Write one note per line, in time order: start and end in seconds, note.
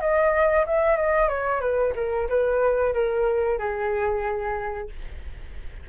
0.00 0.65 D#5
0.66 0.97 E5
0.97 1.28 D#5
1.28 1.61 C#5
1.61 1.93 B4
1.95 2.28 A#4
2.29 2.93 B4
2.93 3.58 A#4
3.58 4.89 G#4